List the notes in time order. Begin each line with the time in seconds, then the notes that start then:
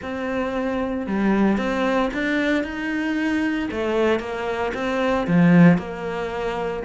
0.01 C4
1.06 G3
1.57 C4
2.13 D4
2.63 D#4
3.71 A3
4.19 A#3
4.74 C4
5.27 F3
5.78 A#3